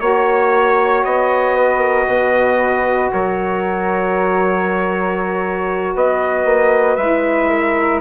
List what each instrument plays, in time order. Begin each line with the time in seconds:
0.00 bassoon A#3, saxophone F#4, trumpet C#5, flute C#5
1.04 bassoon B3, trumpet D#5
1.56 flute B4
1.79 flute A#4
2.07 bassoon B2, flute B4
3.12 bassoon F#3, flute A#4, trumpet C#5
5.95 bassoon B3, flute B4, trumpet D#5
6.45 bassoon A#3
6.96 bassoon G#3, saxophone E4, trumpet E5
7.49 flute A#4